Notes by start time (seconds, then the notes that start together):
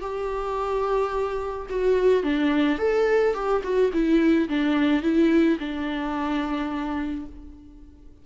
0.00 G4
1.69 F#4
2.23 D4
2.78 A4
3.34 G4
3.63 F#4
3.93 E4
4.48 D4
5.02 E4
5.59 D4